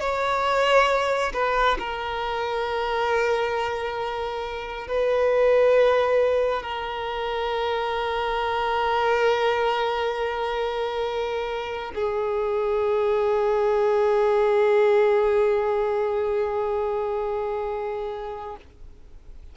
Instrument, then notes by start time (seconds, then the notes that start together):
violin
0.00 C#5
1.33 B4
1.78 A#4
4.87 B4
6.63 A#4
11.94 G#4